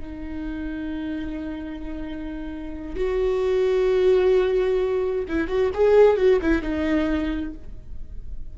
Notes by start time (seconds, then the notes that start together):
0.00 D#4
2.96 F#4
5.28 E4
5.48 F#4
5.74 G#4
6.17 F#4
6.42 E4
6.62 D#4